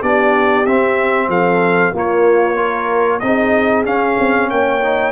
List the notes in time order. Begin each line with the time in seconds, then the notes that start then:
0.00 B3 D4 G4 D5
0.66 C4 E5
1.28 F3 A4 F5
1.93 A#3 F4 C#5
2.56 F4 A#4
3.19 C4 D#4 G#4 D#5
3.84 C#4 F5
4.19 C4
4.50 A#3 C#5 G5
4.81 D#4